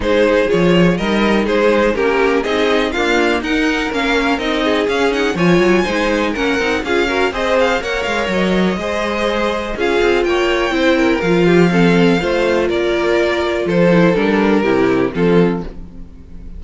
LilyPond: <<
  \new Staff \with { instrumentName = "violin" } { \time 4/4 \tempo 4 = 123 c''4 cis''4 dis''4 c''4 | ais'4 dis''4 f''4 fis''4 | f''4 dis''4 f''8 fis''8 gis''4~ | gis''4 fis''4 f''4 dis''8 f''8 |
fis''8 f''8 dis''2. | f''4 g''2 f''4~ | f''2 d''2 | c''4 ais'2 a'4 | }
  \new Staff \with { instrumentName = "violin" } { \time 4/4 gis'2 ais'4 gis'4 | g'4 gis'4 f'4 ais'4~ | ais'4. gis'4. cis''4 | c''4 ais'4 gis'8 ais'8 c''4 |
cis''2 c''2 | gis'4 cis''4 c''8 ais'4 g'8 | a'4 c''4 ais'2 | a'2 g'4 f'4 | }
  \new Staff \with { instrumentName = "viola" } { \time 4/4 dis'4 f'4 dis'2 | cis'4 dis'4 ais4 dis'4 | cis'4 dis'4 cis'8 dis'8 f'4 | dis'4 cis'8 dis'8 f'8 fis'8 gis'4 |
ais'2 gis'2 | f'2 e'4 f'4 | c'4 f'2.~ | f'8 e'8 d'4 e'4 c'4 | }
  \new Staff \with { instrumentName = "cello" } { \time 4/4 gis4 f4 g4 gis4 | ais4 c'4 d'4 dis'4 | ais4 c'4 cis'4 f8 fis8 | gis4 ais8 c'8 cis'4 c'4 |
ais8 gis8 fis4 gis2 | cis'8 c'8 ais4 c'4 f4~ | f4 a4 ais2 | f4 g4 c4 f4 | }
>>